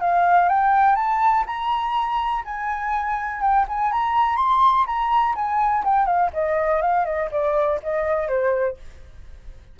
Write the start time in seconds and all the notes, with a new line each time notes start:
0.00 F5
0.48 G5
0.95 A5
1.46 A#5
2.44 G#5
3.41 G5
3.68 G#5
3.92 A#5
4.36 C6
4.86 A#5
5.35 G#5
5.84 G5
6.06 F5
6.33 D#5
6.81 F5
7.05 D#5
7.31 D5
7.82 D#5
8.28 C5